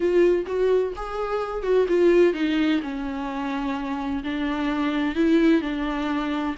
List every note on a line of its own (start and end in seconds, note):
0.00 0.45 F4
0.46 0.93 F#4
0.95 1.62 G#4
1.62 1.86 F#4
1.88 2.33 F4
2.33 2.80 D#4
2.82 4.23 C#4
4.23 5.15 D4
5.15 5.61 E4
5.61 6.55 D4